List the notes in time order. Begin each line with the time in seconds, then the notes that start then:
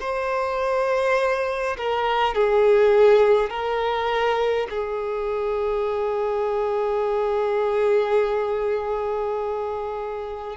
0.00 C5
1.77 A#4
2.34 G#4
3.50 A#4
4.70 G#4